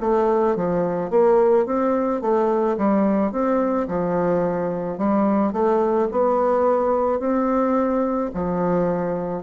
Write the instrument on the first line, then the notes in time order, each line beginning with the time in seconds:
bassoon
0.00 A3
0.56 F3
1.10 A#3
1.66 C4
2.21 A3
2.77 G3
3.32 C4
3.87 F3
4.97 G3
5.53 A3
6.11 B3
7.19 C4
8.34 F3